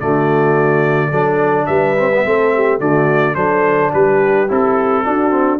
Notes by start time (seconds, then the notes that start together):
0.00 D3 A3 F#4 D5
1.10 F#3 D4 A4
1.66 G3 B4 E5
1.98 C4
2.13 B3
2.25 A3 C4 A4
2.55 G4
2.79 D3 A3 F#4 D5
3.35 F#3 D4 A4 C5
3.93 G3 G4 B4
4.49 C4 E4 A4
5.04 D4 F#4
5.30 C4